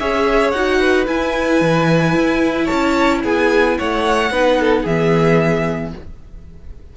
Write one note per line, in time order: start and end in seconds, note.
0.00 0.53 C#4
0.00 0.55 G#4
0.00 0.80 C#5
0.00 0.51 E5
0.51 1.07 D#4
0.51 1.06 F#4
0.51 1.06 F#5
0.80 2.65 B4
1.06 4.31 E4
1.06 1.61 E4
1.06 2.66 G#5
1.61 2.15 E3
2.15 2.69 E4
2.65 3.19 C#5
2.65 3.20 A5
2.71 3.24 C#4
3.24 3.78 B3
3.24 3.78 G#4
3.24 3.79 G#5
3.79 4.31 A3
3.79 4.32 C#5
3.79 4.86 F#5
4.31 4.85 B3
4.31 4.87 D#4
4.31 4.59 B4
4.60 4.83 A4
4.83 5.93 E3
4.83 5.91 G#4
4.83 5.94 E5
4.89 5.97 B3